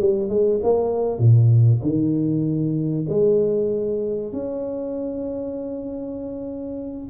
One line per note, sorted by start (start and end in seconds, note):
0.00 0.29 G3
0.29 0.60 G#3
0.63 1.19 A#3
1.19 1.81 A#2
1.82 3.06 D#3
3.09 4.32 G#3
4.32 7.10 C#4